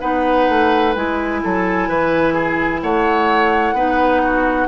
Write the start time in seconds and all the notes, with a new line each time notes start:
0.00 B3 D#4 B4 F#5
0.49 A3
0.95 G#3 E4 G#5
1.43 F#3 A4
1.88 E3 B4
2.33 G#4
2.82 A3 C#5 F#5
3.73 B3 D#4 B4
4.23 F#4